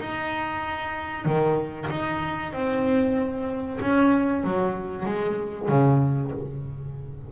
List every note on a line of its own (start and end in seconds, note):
0.00 1.26 D#4
1.26 1.89 D#3
1.90 2.53 D#4
2.53 3.80 C4
3.81 4.44 C#4
4.44 5.06 F#3
5.06 5.69 G#3
5.69 6.32 C#3